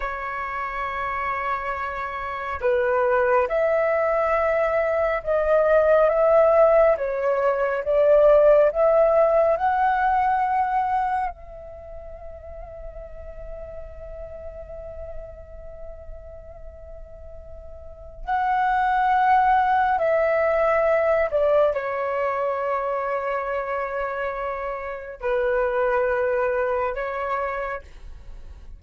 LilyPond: \new Staff \with { instrumentName = "flute" } { \time 4/4 \tempo 4 = 69 cis''2. b'4 | e''2 dis''4 e''4 | cis''4 d''4 e''4 fis''4~ | fis''4 e''2.~ |
e''1~ | e''4 fis''2 e''4~ | e''8 d''8 cis''2.~ | cis''4 b'2 cis''4 | }